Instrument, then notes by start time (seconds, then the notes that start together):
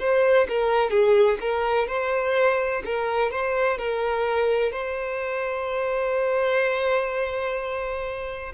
violin
0.00 C5
0.49 A#4
0.91 G#4
1.41 A#4
1.88 C5
2.86 A#4
3.32 C5
3.78 A#4
4.72 C5